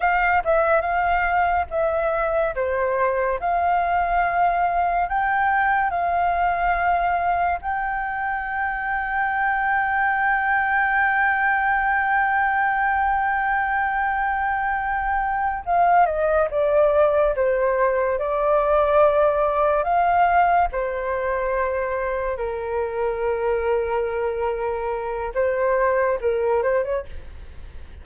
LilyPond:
\new Staff \with { instrumentName = "flute" } { \time 4/4 \tempo 4 = 71 f''8 e''8 f''4 e''4 c''4 | f''2 g''4 f''4~ | f''4 g''2.~ | g''1~ |
g''2~ g''8 f''8 dis''8 d''8~ | d''8 c''4 d''2 f''8~ | f''8 c''2 ais'4.~ | ais'2 c''4 ais'8 c''16 cis''16 | }